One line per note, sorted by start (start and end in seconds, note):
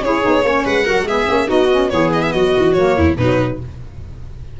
0.00 0.21 C#4
0.00 0.22 E4
0.00 0.46 G#4
0.00 0.66 C#5
0.22 0.43 B3
0.22 0.43 D#4
0.43 0.64 A#3
0.43 0.85 C#4
0.43 0.65 C#5
0.65 0.86 G#3
0.65 0.86 B4
0.65 1.08 F#5
0.85 1.03 F#3
0.85 1.06 F#4
0.85 1.07 A#4
1.03 1.24 G#3
1.03 1.26 B3
1.03 1.48 G#4
1.03 1.50 E5
1.26 1.49 A#3
1.26 1.46 C#4
1.46 1.92 B3
1.46 1.67 D#4
1.46 1.90 F#4
1.46 1.90 D#5
1.71 1.90 C#4
1.90 2.34 E3
1.90 2.74 B3
1.90 2.34 G#4
1.90 2.11 C#5
2.13 2.22 D#5
2.22 2.32 E5
2.32 2.55 F#3
2.32 2.97 F#4
2.32 2.73 D#5
2.57 2.75 E3
2.73 2.96 F#3
2.73 3.17 A#3
2.73 3.15 C#5
2.97 3.17 E2
2.97 3.18 E4
3.17 3.59 B2
3.17 3.60 F#3
3.17 3.60 D#4
3.17 3.59 B4